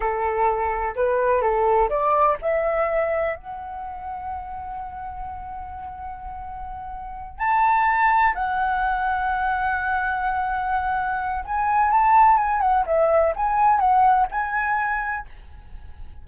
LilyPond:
\new Staff \with { instrumentName = "flute" } { \time 4/4 \tempo 4 = 126 a'2 b'4 a'4 | d''4 e''2 fis''4~ | fis''1~ | fis''2.~ fis''8 a''8~ |
a''4. fis''2~ fis''8~ | fis''1 | gis''4 a''4 gis''8 fis''8 e''4 | gis''4 fis''4 gis''2 | }